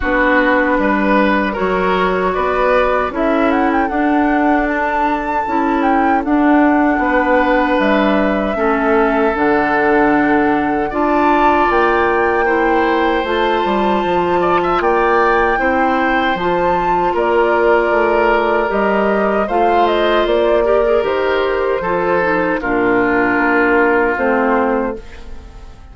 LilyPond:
<<
  \new Staff \with { instrumentName = "flute" } { \time 4/4 \tempo 4 = 77 b'2 cis''4 d''4 | e''8 fis''16 g''16 fis''4 a''4. g''8 | fis''2 e''2 | fis''2 a''4 g''4~ |
g''4 a''2 g''4~ | g''4 a''4 d''2 | dis''4 f''8 dis''8 d''4 c''4~ | c''4 ais'2 c''4 | }
  \new Staff \with { instrumentName = "oboe" } { \time 4/4 fis'4 b'4 ais'4 b'4 | a'1~ | a'4 b'2 a'4~ | a'2 d''2 |
c''2~ c''8 d''16 e''16 d''4 | c''2 ais'2~ | ais'4 c''4. ais'4. | a'4 f'2. | }
  \new Staff \with { instrumentName = "clarinet" } { \time 4/4 d'2 fis'2 | e'4 d'2 e'4 | d'2. cis'4 | d'2 f'2 |
e'4 f'2. | e'4 f'2. | g'4 f'4. g'16 gis'16 g'4 | f'8 dis'8 d'2 c'4 | }
  \new Staff \with { instrumentName = "bassoon" } { \time 4/4 b4 g4 fis4 b4 | cis'4 d'2 cis'4 | d'4 b4 g4 a4 | d2 d'4 ais4~ |
ais4 a8 g8 f4 ais4 | c'4 f4 ais4 a4 | g4 a4 ais4 dis4 | f4 ais,4 ais4 a4 | }
>>